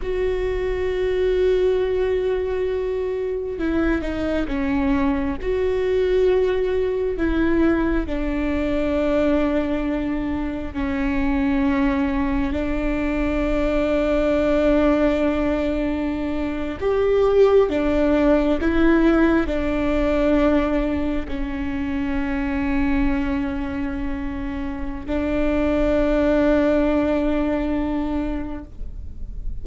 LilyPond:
\new Staff \with { instrumentName = "viola" } { \time 4/4 \tempo 4 = 67 fis'1 | e'8 dis'8 cis'4 fis'2 | e'4 d'2. | cis'2 d'2~ |
d'2~ d'8. g'4 d'16~ | d'8. e'4 d'2 cis'16~ | cis'1 | d'1 | }